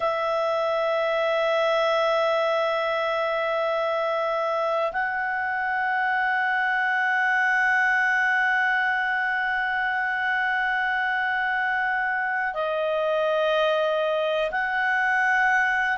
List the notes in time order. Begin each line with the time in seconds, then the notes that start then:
0.00 E5
4.92 F#5
12.54 D#5
14.51 F#5